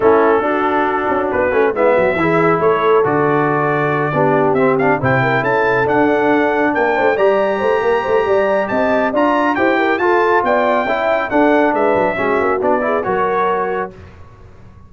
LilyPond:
<<
  \new Staff \with { instrumentName = "trumpet" } { \time 4/4 \tempo 4 = 138 a'2. b'4 | e''2 cis''4 d''4~ | d''2~ d''8 e''8 f''8 g''8~ | g''8 a''4 fis''2 g''8~ |
g''8 ais''2.~ ais''8 | a''4 ais''4 g''4 a''4 | g''2 fis''4 e''4~ | e''4 d''4 cis''2 | }
  \new Staff \with { instrumentName = "horn" } { \time 4/4 e'4 fis'2. | e'8 fis'8 gis'4 a'2~ | a'4. g'2 c''8 | ais'8 a'2. ais'8 |
c''8 d''4 c''8 ais'8 c''8 d''4 | dis''4 d''4 c''8 ais'8 a'4 | d''4 e''4 a'4 b'4 | fis'4. gis'8 ais'2 | }
  \new Staff \with { instrumentName = "trombone" } { \time 4/4 cis'4 d'2~ d'8 cis'8 | b4 e'2 fis'4~ | fis'4. d'4 c'8 d'8 e'8~ | e'4. d'2~ d'8~ |
d'8 g'2.~ g'8~ | g'4 f'4 g'4 f'4~ | f'4 e'4 d'2 | cis'4 d'8 e'8 fis'2 | }
  \new Staff \with { instrumentName = "tuba" } { \time 4/4 a4 d'4. cis'8 b8 a8 | gis8 fis8 e4 a4 d4~ | d4. b4 c'4 c8~ | c8 cis'4 d'2 ais8 |
a8 g4 a8 ais8 a8 g4 | c'4 d'4 e'4 f'4 | b4 cis'4 d'4 gis8 fis8 | gis8 ais8 b4 fis2 | }
>>